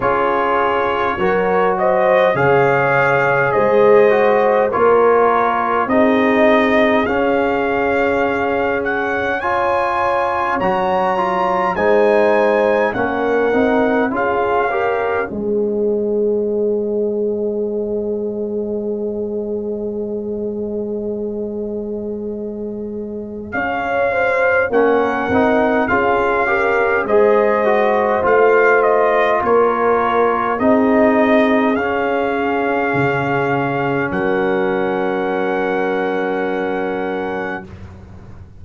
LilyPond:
<<
  \new Staff \with { instrumentName = "trumpet" } { \time 4/4 \tempo 4 = 51 cis''4. dis''8 f''4 dis''4 | cis''4 dis''4 f''4. fis''8 | gis''4 ais''4 gis''4 fis''4 | f''4 dis''2.~ |
dis''1 | f''4 fis''4 f''4 dis''4 | f''8 dis''8 cis''4 dis''4 f''4~ | f''4 fis''2. | }
  \new Staff \with { instrumentName = "horn" } { \time 4/4 gis'4 ais'8 c''8 cis''4 c''4 | ais'4 gis'2. | cis''2 c''4 ais'4 | gis'8 ais'8 c''2.~ |
c''1 | cis''8 c''8 ais'4 gis'8 ais'8 c''4~ | c''4 ais'4 gis'2~ | gis'4 ais'2. | }
  \new Staff \with { instrumentName = "trombone" } { \time 4/4 f'4 fis'4 gis'4. fis'8 | f'4 dis'4 cis'2 | f'4 fis'8 f'8 dis'4 cis'8 dis'8 | f'8 g'8 gis'2.~ |
gis'1~ | gis'4 cis'8 dis'8 f'8 g'8 gis'8 fis'8 | f'2 dis'4 cis'4~ | cis'1 | }
  \new Staff \with { instrumentName = "tuba" } { \time 4/4 cis'4 fis4 cis4 gis4 | ais4 c'4 cis'2~ | cis'4 fis4 gis4 ais8 c'8 | cis'4 gis2.~ |
gis1 | cis'4 ais8 c'8 cis'4 gis4 | a4 ais4 c'4 cis'4 | cis4 fis2. | }
>>